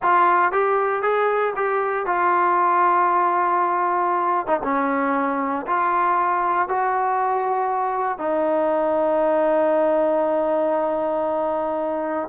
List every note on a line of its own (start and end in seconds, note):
0.02 0.52 F4
0.52 1.02 G4
1.02 1.53 G#4
1.55 2.06 G4
2.06 4.47 F4
4.47 4.59 D#4
4.63 5.66 C#4
5.66 6.68 F4
6.68 8.18 F#4
8.18 12.28 D#4